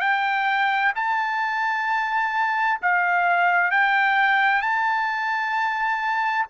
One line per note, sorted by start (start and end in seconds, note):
0.00 0.92 G5
0.95 2.80 A5
2.82 3.70 F5
3.70 4.62 G5
4.62 6.46 A5